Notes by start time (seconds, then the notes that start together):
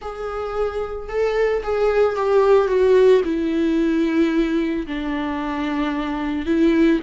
0.01 G#4
1.08 A4
1.63 G#4
2.16 G4
2.67 F#4
3.24 E4
4.86 D4
6.46 E4